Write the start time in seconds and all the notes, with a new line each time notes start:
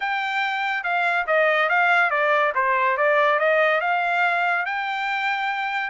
0.00 G5
0.83 F5
1.26 D#5
1.69 F5
2.10 D5
2.54 C5
2.97 D5
3.39 D#5
3.80 F5
4.65 G5